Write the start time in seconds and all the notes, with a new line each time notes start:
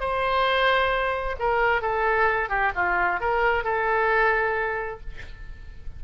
0.00 C5
1.39 A#4
1.82 A4
2.50 G4
2.76 F4
3.21 A#4
3.64 A4